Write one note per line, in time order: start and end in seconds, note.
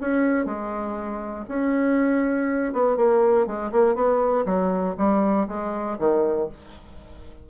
0.00 0.45 C#4
0.45 1.45 G#3
1.48 2.73 C#4
2.73 2.96 B3
2.96 3.46 A#3
3.46 3.71 G#3
3.71 3.95 A#3
3.95 4.45 B3
4.45 4.95 F#3
4.97 5.47 G3
5.47 5.97 G#3
5.98 6.48 D#3